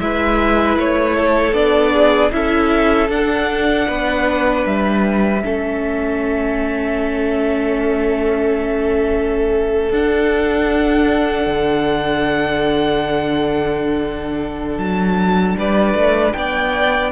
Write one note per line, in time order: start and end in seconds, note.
0.00 0.77 G#3
0.00 1.54 E4
0.00 1.16 B4
0.00 0.78 E5
0.77 1.53 A3
0.77 1.54 C#5
1.16 1.94 A4
1.53 2.31 B3
1.53 2.32 D4
1.53 2.32 D5
1.94 2.32 G#4
2.32 3.09 C#4
2.32 3.10 E4
2.32 3.88 A4
2.32 3.10 E5
3.09 3.87 D4
3.09 5.44 D4
3.09 4.66 F#5
3.88 4.66 B3
3.88 5.44 B4
4.66 5.44 G3
4.66 9.92 E5
5.44 9.92 A3
5.44 9.92 C#4
5.44 15.58 A4
9.92 11.47 D4
9.92 17.12 D4
9.92 14.79 F#5
11.47 14.78 D3
14.79 15.56 F#3
14.79 15.56 A5
15.58 15.95 G3
15.58 16.36 B4
15.58 16.33 D5
15.95 16.34 A3
16.33 17.12 B3
16.33 17.12 D5
16.33 17.11 G5